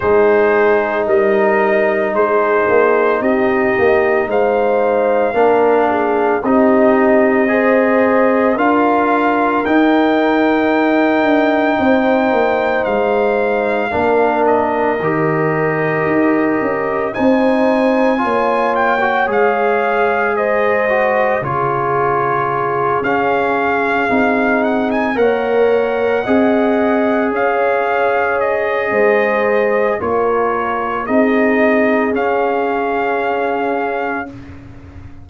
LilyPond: <<
  \new Staff \with { instrumentName = "trumpet" } { \time 4/4 \tempo 4 = 56 c''4 dis''4 c''4 dis''4 | f''2 dis''2 | f''4 g''2. | f''4. dis''2~ dis''8 |
gis''4. g''8 f''4 dis''4 | cis''4. f''4. fis''16 gis''16 fis''8~ | fis''4. f''4 dis''4. | cis''4 dis''4 f''2 | }
  \new Staff \with { instrumentName = "horn" } { \time 4/4 gis'4 ais'4 gis'4 g'4 | c''4 ais'8 gis'8 g'4 c''4 | ais'2. c''4~ | c''4 ais'2. |
c''4 cis''2 c''4 | gis'2.~ gis'8 cis''8~ | cis''8 dis''4 cis''4. c''4 | ais'4 gis'2. | }
  \new Staff \with { instrumentName = "trombone" } { \time 4/4 dis'1~ | dis'4 d'4 dis'4 gis'4 | f'4 dis'2.~ | dis'4 d'4 g'2 |
dis'4 f'8. fis'16 gis'4. fis'8 | f'4. cis'4 dis'4 ais'8~ | ais'8 gis'2.~ gis'8 | f'4 dis'4 cis'2 | }
  \new Staff \with { instrumentName = "tuba" } { \time 4/4 gis4 g4 gis8 ais8 c'8 ais8 | gis4 ais4 c'2 | d'4 dis'4. d'8 c'8 ais8 | gis4 ais4 dis4 dis'8 cis'8 |
c'4 ais4 gis2 | cis4. cis'4 c'4 ais8~ | ais8 c'4 cis'4. gis4 | ais4 c'4 cis'2 | }
>>